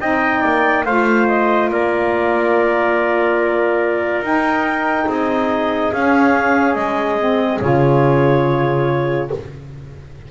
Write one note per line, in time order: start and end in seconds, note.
0.00 0.43 C4
0.00 0.85 D#4
0.00 0.41 D#5
0.00 0.85 G5
0.41 0.86 A#3
0.41 0.84 D5
0.85 1.69 A3
0.85 4.23 F4
0.85 1.70 C5
0.85 1.27 F5
1.27 1.70 D#5
1.69 4.21 A#3
1.69 5.08 A#4
1.69 4.25 D5
4.21 5.05 D#4
4.21 5.92 D#4
4.21 5.09 G5
5.07 5.91 C4
5.07 9.31 G#4
5.07 5.92 D#5
5.92 6.75 C#4
5.92 7.19 C#4
5.92 6.74 F5
6.74 7.60 G#3
6.74 7.59 D#5
7.19 7.61 C4
7.60 9.31 C#3
7.60 9.30 F4
7.60 9.29 C#5